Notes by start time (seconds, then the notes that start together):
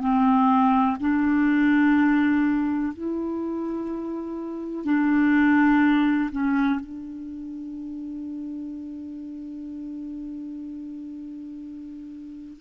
0.00 C4
0.99 D4
2.93 E4
4.85 D4
6.32 C#4
6.80 D4